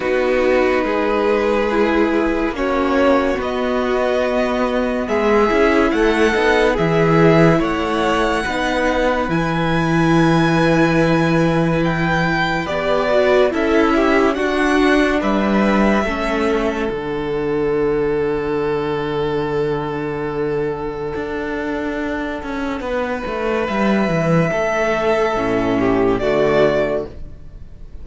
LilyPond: <<
  \new Staff \with { instrumentName = "violin" } { \time 4/4 \tempo 4 = 71 b'2. cis''4 | dis''2 e''4 fis''4 | e''4 fis''2 gis''4~ | gis''2 g''4 d''4 |
e''4 fis''4 e''2 | fis''1~ | fis''1 | e''2. d''4 | }
  \new Staff \with { instrumentName = "violin" } { \time 4/4 fis'4 gis'2 fis'4~ | fis'2 gis'4 a'4 | gis'4 cis''4 b'2~ | b'1 |
a'8 g'8 fis'4 b'4 a'4~ | a'1~ | a'2. b'4~ | b'4 a'4. g'8 fis'4 | }
  \new Staff \with { instrumentName = "viola" } { \time 4/4 dis'2 e'4 cis'4 | b2~ b8 e'4 dis'8 | e'2 dis'4 e'4~ | e'2. g'8 fis'8 |
e'4 d'2 cis'4 | d'1~ | d'1~ | d'2 cis'4 a4 | }
  \new Staff \with { instrumentName = "cello" } { \time 4/4 b4 gis2 ais4 | b2 gis8 cis'8 a8 b8 | e4 a4 b4 e4~ | e2. b4 |
cis'4 d'4 g4 a4 | d1~ | d4 d'4. cis'8 b8 a8 | g8 e8 a4 a,4 d4 | }
>>